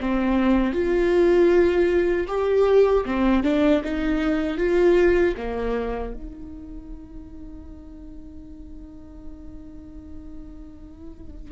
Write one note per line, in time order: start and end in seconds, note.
0.00 0.73 C4
0.73 2.27 F4
2.27 3.04 G4
3.05 3.43 C4
3.43 3.82 D4
3.84 4.57 D#4
4.57 5.34 F4
5.37 6.14 A#3
6.14 11.52 D#4